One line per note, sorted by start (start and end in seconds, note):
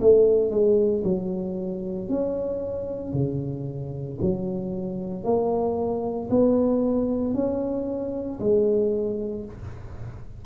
0.00 0.50 A3
0.50 1.03 G#3
1.03 2.09 F#3
2.09 3.13 C#4
3.13 4.18 C#3
4.21 5.23 F#3
5.23 6.29 A#3
6.30 7.34 B3
7.34 8.39 C#4
8.40 9.45 G#3